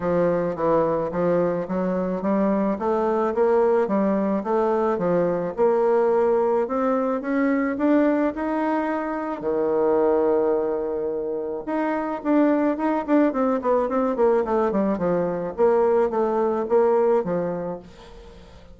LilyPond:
\new Staff \with { instrumentName = "bassoon" } { \time 4/4 \tempo 4 = 108 f4 e4 f4 fis4 | g4 a4 ais4 g4 | a4 f4 ais2 | c'4 cis'4 d'4 dis'4~ |
dis'4 dis2.~ | dis4 dis'4 d'4 dis'8 d'8 | c'8 b8 c'8 ais8 a8 g8 f4 | ais4 a4 ais4 f4 | }